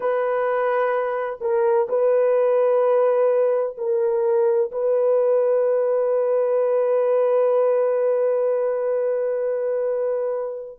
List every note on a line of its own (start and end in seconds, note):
0.00 1.38 B4
1.40 1.87 A#4
1.88 3.76 B4
3.77 4.71 A#4
4.71 10.78 B4